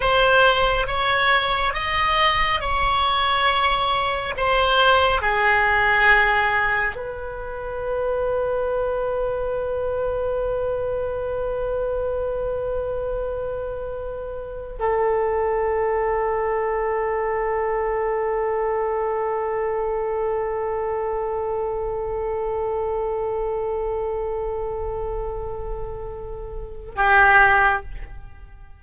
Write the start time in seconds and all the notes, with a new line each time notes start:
0.00 C5
0.87 C#5
1.73 D#5
2.60 C#5
4.36 C5
5.21 G#4
6.95 B4
14.79 A4
26.95 G4